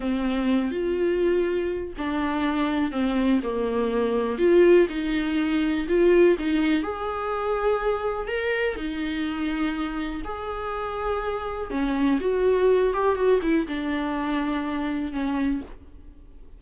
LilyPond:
\new Staff \with { instrumentName = "viola" } { \time 4/4 \tempo 4 = 123 c'4. f'2~ f'8 | d'2 c'4 ais4~ | ais4 f'4 dis'2 | f'4 dis'4 gis'2~ |
gis'4 ais'4 dis'2~ | dis'4 gis'2. | cis'4 fis'4. g'8 fis'8 e'8 | d'2. cis'4 | }